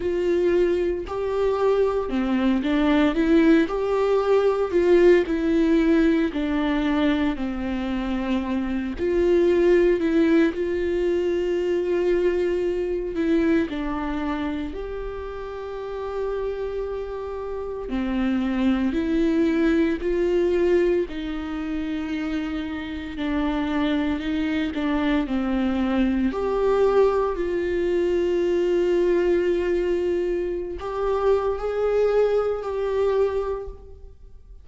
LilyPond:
\new Staff \with { instrumentName = "viola" } { \time 4/4 \tempo 4 = 57 f'4 g'4 c'8 d'8 e'8 g'8~ | g'8 f'8 e'4 d'4 c'4~ | c'8 f'4 e'8 f'2~ | f'8 e'8 d'4 g'2~ |
g'4 c'4 e'4 f'4 | dis'2 d'4 dis'8 d'8 | c'4 g'4 f'2~ | f'4~ f'16 g'8. gis'4 g'4 | }